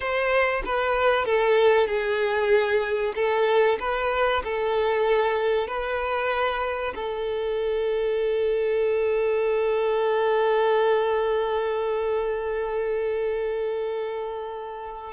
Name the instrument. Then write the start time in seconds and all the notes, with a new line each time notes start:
violin
0.00 C5
0.65 B4
1.25 A4
1.87 G#4
3.15 A4
3.79 B4
4.44 A4
5.67 B4
6.95 A4